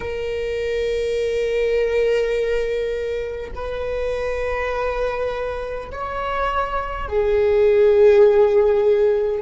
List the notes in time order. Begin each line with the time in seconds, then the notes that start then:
0.00 A#4
3.55 B4
5.91 C#5
7.08 G#4